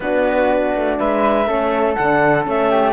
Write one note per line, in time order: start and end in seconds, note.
0.00 0.73 B3
0.00 1.47 D4
0.00 0.98 F#4
0.00 0.97 B4
0.75 0.99 A3
0.98 1.47 G#3
0.98 1.47 B4
0.98 1.94 E5
1.47 1.96 A3
1.47 1.96 C#4
1.47 2.70 A4
1.94 2.46 D3
1.94 2.43 D4
1.94 2.44 F#5
2.43 2.92 A3
2.43 2.92 C#4
2.43 2.92 E5
2.70 2.92 G4